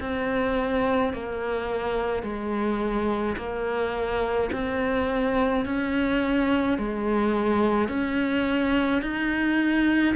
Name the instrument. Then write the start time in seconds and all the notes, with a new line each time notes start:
cello
0.00 C4
1.13 A#3
2.23 G#3
3.37 A#3
4.53 C4
5.65 C#4
6.78 G#3
7.89 C#4
9.02 D#4